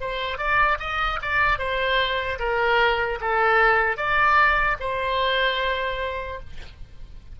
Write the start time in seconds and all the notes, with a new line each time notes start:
0.00 C5
0.37 D5
0.79 D#5
1.22 D5
1.58 C5
2.39 A#4
3.21 A4
3.97 D5
4.80 C5